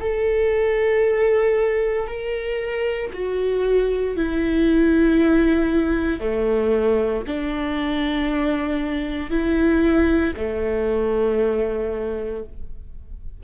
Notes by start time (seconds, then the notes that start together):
0.00 A4
2.07 A#4
3.13 F#4
4.16 E4
6.20 A3
7.26 D4
9.30 E4
10.36 A3